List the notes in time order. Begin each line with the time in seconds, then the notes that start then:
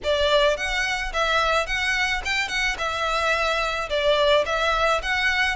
0.03 D5
0.57 F#5
1.13 E5
1.66 F#5
2.24 G5
2.48 F#5
2.78 E5
3.89 D5
4.45 E5
5.02 F#5